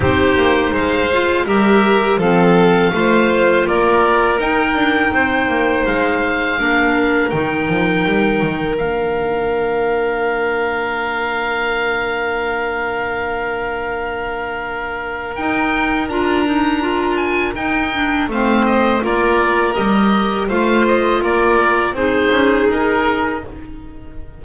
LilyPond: <<
  \new Staff \with { instrumentName = "oboe" } { \time 4/4 \tempo 4 = 82 c''4 f''4 e''4 f''4~ | f''4 d''4 g''2 | f''2 g''2 | f''1~ |
f''1~ | f''4 g''4 ais''4. gis''8 | g''4 f''8 dis''8 d''4 dis''4 | f''8 dis''8 d''4 c''4 ais'4 | }
  \new Staff \with { instrumentName = "violin" } { \time 4/4 g'4 c''4 ais'4 a'4 | c''4 ais'2 c''4~ | c''4 ais'2.~ | ais'1~ |
ais'1~ | ais'1~ | ais'4 c''4 ais'2 | c''4 ais'4 gis'2 | }
  \new Staff \with { instrumentName = "clarinet" } { \time 4/4 dis'4. f'8 g'4 c'4 | f'2 dis'2~ | dis'4 d'4 dis'2 | d'1~ |
d'1~ | d'4 dis'4 f'8 dis'8 f'4 | dis'8 d'8 c'4 f'4 g'4 | f'2 dis'2 | }
  \new Staff \with { instrumentName = "double bass" } { \time 4/4 c'8 ais8 gis4 g4 f4 | a4 ais4 dis'8 d'8 c'8 ais8 | gis4 ais4 dis8 f8 g8 dis8 | ais1~ |
ais1~ | ais4 dis'4 d'2 | dis'4 a4 ais4 g4 | a4 ais4 c'8 cis'8 dis'4 | }
>>